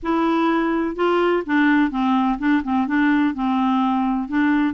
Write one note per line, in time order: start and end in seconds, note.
0.02 0.95 E4
0.95 1.43 F4
1.46 1.90 D4
1.90 2.38 C4
2.38 2.62 D4
2.63 2.87 C4
2.87 3.34 D4
3.34 4.28 C4
4.28 4.74 D4